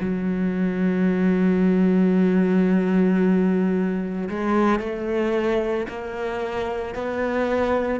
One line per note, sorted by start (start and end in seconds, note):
0.00 4.29 F#3
4.29 4.80 G#3
4.80 5.87 A3
5.88 6.94 A#3
6.94 8.00 B3